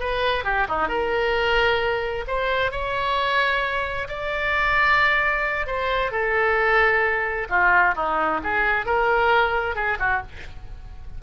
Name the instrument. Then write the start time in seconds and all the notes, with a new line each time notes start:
oboe
0.00 B4
0.44 G4
0.69 D#4
0.88 A#4
2.28 C5
2.71 C#5
4.08 D5
5.67 C5
6.11 A4
7.49 F4
7.95 D#4
8.43 G#4
8.86 A#4
9.75 G#4
10.00 F#4